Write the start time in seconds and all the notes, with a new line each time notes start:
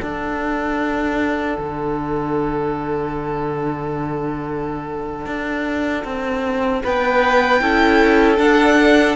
0.00 D4 A4 F#5
1.58 D3
5.26 D4
6.04 C4
6.83 B3 B4 G5
7.61 C#4 E4 A4
8.38 D4 F#5